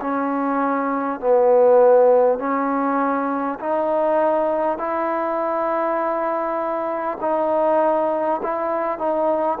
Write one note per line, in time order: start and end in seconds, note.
0.00 1.19 C#4
1.19 2.38 B3
2.38 3.58 C#4
3.59 4.78 D#4
4.78 7.18 E4
7.20 8.40 D#4
8.43 8.98 E4
8.98 9.58 D#4